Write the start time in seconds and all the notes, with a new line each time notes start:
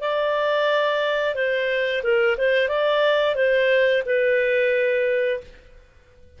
0.00 D5
1.35 C5
2.03 A#4
2.37 C5
2.68 D5
3.35 C5
4.05 B4